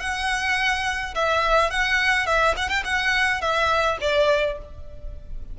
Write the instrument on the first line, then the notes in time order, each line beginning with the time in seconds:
violin
0.00 F#5
1.15 E5
1.70 F#5
2.26 E5
2.57 F#5
2.69 G5
2.85 F#5
3.41 E5
4.01 D5